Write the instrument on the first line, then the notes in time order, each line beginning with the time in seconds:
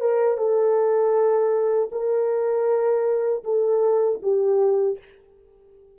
horn
0.00 A#4
0.37 A4
1.91 A#4
3.43 A4
4.22 G4